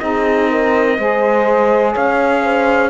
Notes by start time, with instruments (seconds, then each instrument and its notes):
0.00 cello C4, saxophone D#4, horn G#4, trumpet D#5
0.51 horn A#4
0.98 cello G#3, saxophone G#4, horn C5
1.94 cello C#4, horn C#5, trumpet F5
2.44 horn C5